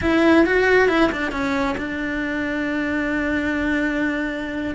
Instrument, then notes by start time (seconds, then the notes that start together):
cello
0.01 E4
0.45 F#4
0.88 E4
1.12 D4
1.31 C#4
1.77 D4